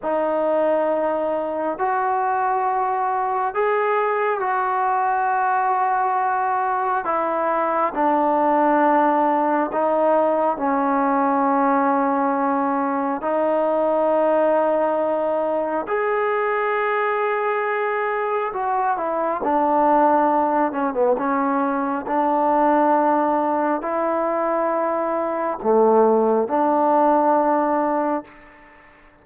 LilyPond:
\new Staff \with { instrumentName = "trombone" } { \time 4/4 \tempo 4 = 68 dis'2 fis'2 | gis'4 fis'2. | e'4 d'2 dis'4 | cis'2. dis'4~ |
dis'2 gis'2~ | gis'4 fis'8 e'8 d'4. cis'16 b16 | cis'4 d'2 e'4~ | e'4 a4 d'2 | }